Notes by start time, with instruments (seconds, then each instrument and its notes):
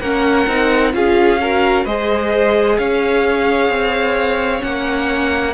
0.00 cello A#3, viola C#4, violin A#4 F#5
0.47 cello C4, viola D#4
0.93 cello C#4, viola F4, violin G#4 F5
1.41 viola F#4, violin A#4
1.85 cello G#3, viola G#4, violin C5 D#5
2.78 cello C#4, violin C#5 F5
3.69 cello C4
4.59 cello A#3, viola C#4, violin F#5